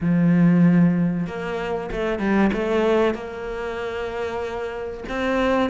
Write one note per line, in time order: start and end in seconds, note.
0.00 1.26 F3
1.26 1.89 A#3
1.91 2.19 A3
2.19 2.50 G3
2.52 3.14 A3
3.14 5.04 A#3
5.08 5.70 C4